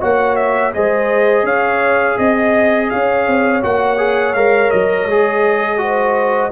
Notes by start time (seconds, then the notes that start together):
0.00 A#3 F#4 C#5 F#5
0.36 E5
0.73 G#3 G#4 C5 D#5
1.43 C#4 C#5 F5
2.18 C4 D#5
2.90 C#4 C#5 F5
3.27 C4
3.62 A#3 F#4 F#5
3.97 G#4
4.34 G#3 A#4 F5
4.70 F#3 D#5
5.05 G#3 G#4
5.77 F#4 C5